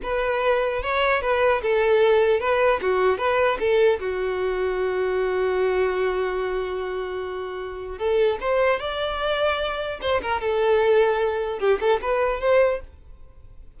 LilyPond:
\new Staff \with { instrumentName = "violin" } { \time 4/4 \tempo 4 = 150 b'2 cis''4 b'4 | a'2 b'4 fis'4 | b'4 a'4 fis'2~ | fis'1~ |
fis'1 | a'4 c''4 d''2~ | d''4 c''8 ais'8 a'2~ | a'4 g'8 a'8 b'4 c''4 | }